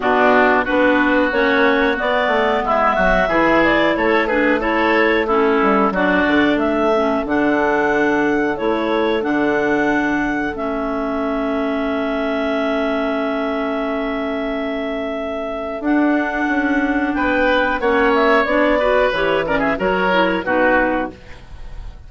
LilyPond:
<<
  \new Staff \with { instrumentName = "clarinet" } { \time 4/4 \tempo 4 = 91 fis'4 b'4 cis''4 d''4 | e''4. d''8 cis''8 b'8 cis''4 | a'4 d''4 e''4 fis''4~ | fis''4 cis''4 fis''2 |
e''1~ | e''1 | fis''2 g''4 fis''8 e''8 | d''4 cis''8 d''16 e''16 cis''4 b'4 | }
  \new Staff \with { instrumentName = "oboe" } { \time 4/4 d'4 fis'2. | e'8 fis'8 gis'4 a'8 gis'8 a'4 | e'4 fis'4 a'2~ | a'1~ |
a'1~ | a'1~ | a'2 b'4 cis''4~ | cis''8 b'4 ais'16 gis'16 ais'4 fis'4 | }
  \new Staff \with { instrumentName = "clarinet" } { \time 4/4 b4 d'4 cis'4 b4~ | b4 e'4. d'8 e'4 | cis'4 d'4. cis'8 d'4~ | d'4 e'4 d'2 |
cis'1~ | cis'1 | d'2. cis'4 | d'8 fis'8 g'8 cis'8 fis'8 e'8 dis'4 | }
  \new Staff \with { instrumentName = "bassoon" } { \time 4/4 b,4 b4 ais4 b8 a8 | gis8 fis8 e4 a2~ | a8 g8 fis8 d8 a4 d4~ | d4 a4 d2 |
a1~ | a1 | d'4 cis'4 b4 ais4 | b4 e4 fis4 b,4 | }
>>